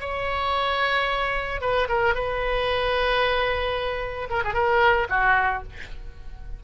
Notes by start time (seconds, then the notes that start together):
0.00 C#5
1.61 B4
1.88 A#4
2.14 B4
4.30 A#4
4.44 G#4
4.53 A#4
5.09 F#4